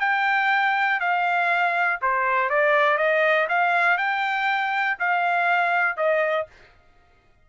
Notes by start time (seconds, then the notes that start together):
0.00 G5
1.00 F5
2.02 C5
2.50 D5
2.97 D#5
3.49 F5
3.97 G5
4.99 F5
5.97 D#5